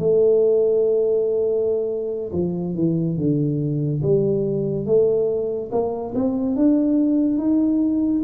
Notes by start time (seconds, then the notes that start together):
0.00 A3
2.33 F3
2.75 E3
3.18 D3
4.03 G3
4.86 A3
5.72 A#3
6.15 C4
6.56 D4
7.39 D#4